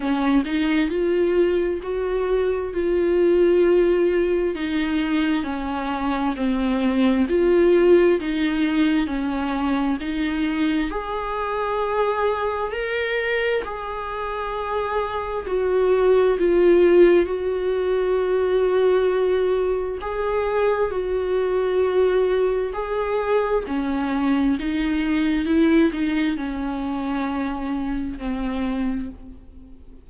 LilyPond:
\new Staff \with { instrumentName = "viola" } { \time 4/4 \tempo 4 = 66 cis'8 dis'8 f'4 fis'4 f'4~ | f'4 dis'4 cis'4 c'4 | f'4 dis'4 cis'4 dis'4 | gis'2 ais'4 gis'4~ |
gis'4 fis'4 f'4 fis'4~ | fis'2 gis'4 fis'4~ | fis'4 gis'4 cis'4 dis'4 | e'8 dis'8 cis'2 c'4 | }